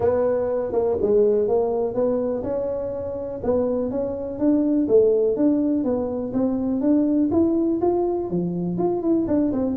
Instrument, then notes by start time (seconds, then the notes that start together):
tuba
0.00 B3
0.72 A#3
1.01 G#3
1.47 A#3
1.94 B3
2.43 C#4
3.43 B3
3.90 C#4
4.38 D4
4.88 A3
5.36 D4
5.84 B3
6.33 C4
6.80 D4
7.31 E4
7.81 F4
8.30 F3
8.77 F4
9.02 E4
9.27 D4
9.52 C4